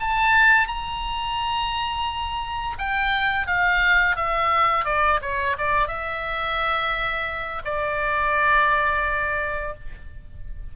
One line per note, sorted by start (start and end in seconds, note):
0.00 0.68 A5
0.68 2.77 A#5
2.78 3.47 G5
3.47 4.16 F5
4.16 4.85 E5
4.85 5.20 D5
5.22 5.57 C#5
5.58 5.88 D5
5.88 7.62 E5
7.65 9.74 D5